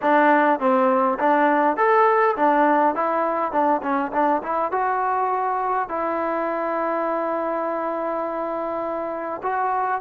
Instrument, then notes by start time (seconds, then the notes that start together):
trombone
0.02 D4
0.59 C4
1.19 D4
1.76 A4
2.36 D4
2.95 E4
3.51 D4
3.82 C#4
4.12 D4
4.43 E4
4.71 F#4
5.88 E4
9.42 F#4